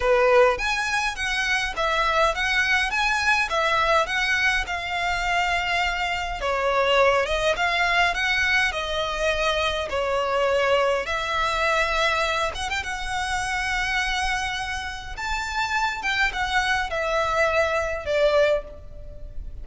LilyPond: \new Staff \with { instrumentName = "violin" } { \time 4/4 \tempo 4 = 103 b'4 gis''4 fis''4 e''4 | fis''4 gis''4 e''4 fis''4 | f''2. cis''4~ | cis''8 dis''8 f''4 fis''4 dis''4~ |
dis''4 cis''2 e''4~ | e''4. fis''16 g''16 fis''2~ | fis''2 a''4. g''8 | fis''4 e''2 d''4 | }